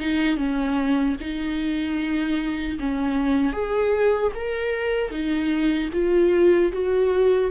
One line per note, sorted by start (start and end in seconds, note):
0.00 0.37 D#4
0.37 1.16 C#4
1.21 2.79 D#4
2.80 3.53 C#4
3.53 4.32 G#4
4.35 5.11 A#4
5.11 5.90 D#4
5.93 6.72 F4
6.73 7.51 F#4